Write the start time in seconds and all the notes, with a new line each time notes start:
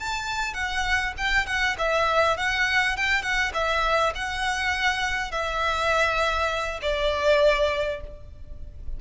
0.00 A5
0.55 F#5
1.18 G5
1.47 F#5
1.79 E5
2.38 F#5
2.97 G5
3.23 F#5
3.54 E5
4.15 F#5
5.32 E5
6.82 D5